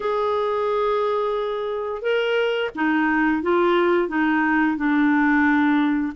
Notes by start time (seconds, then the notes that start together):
0.00 G#4
2.01 A#4
2.75 D#4
3.42 F4
4.08 D#4
4.76 D4